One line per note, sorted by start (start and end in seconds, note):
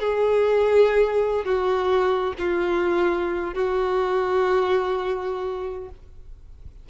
0.00 1.45 G#4
1.45 2.33 F#4
2.39 3.54 F4
3.54 5.90 F#4